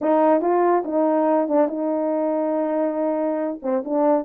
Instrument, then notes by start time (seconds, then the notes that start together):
horn
0.01 D#4
0.41 F4
0.85 D#4
1.48 D4
1.68 D#4
3.62 C4
3.84 D4